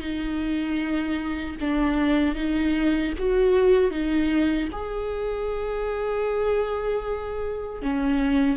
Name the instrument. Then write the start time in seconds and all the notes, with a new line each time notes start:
viola
0.00 D#4
1.60 D4
2.35 D#4
3.18 F#4
3.90 D#4
4.72 G#4
7.81 C#4